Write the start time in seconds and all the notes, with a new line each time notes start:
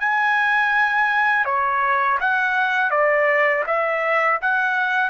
0.00 G#5
1.45 C#5
2.21 F#5
2.91 D5
3.67 E5
4.41 F#5